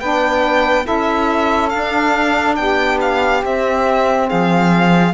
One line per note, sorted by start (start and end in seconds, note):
0.00 0.86 B3
0.00 0.84 D4
0.00 0.85 B4
0.00 0.86 G5
0.84 1.69 E4
0.84 2.56 A4
0.84 1.69 E5
0.90 1.74 C#4
1.69 2.58 D4
1.69 3.42 D4
1.69 2.55 F5
2.56 3.43 B3
2.56 4.27 G4
2.56 2.99 G5
3.01 3.44 F5
3.42 5.13 C4
3.42 4.29 C4
3.42 4.29 E5
4.27 5.14 F3
4.27 5.13 G#4
4.27 5.14 F5